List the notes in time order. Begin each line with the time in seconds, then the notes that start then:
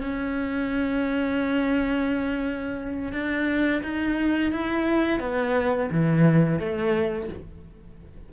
0.00 C#4
3.12 D4
3.83 D#4
4.52 E4
5.19 B3
5.91 E3
6.59 A3